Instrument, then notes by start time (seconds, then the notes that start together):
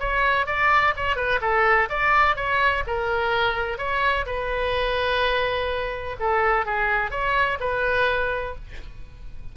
oboe
0.00 C#5
0.47 D5
0.97 C#5
1.16 B4
1.42 A4
1.90 D5
2.36 C#5
2.87 A#4
3.79 C#5
4.27 B4
6.20 A4
6.66 G#4
7.11 C#5
7.60 B4